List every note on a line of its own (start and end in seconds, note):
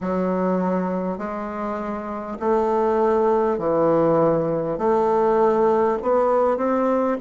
0.01 1.18 F#3
1.18 2.38 G#3
2.39 3.58 A3
3.58 4.78 E3
4.78 5.98 A3
6.02 6.57 B3
6.57 7.17 C4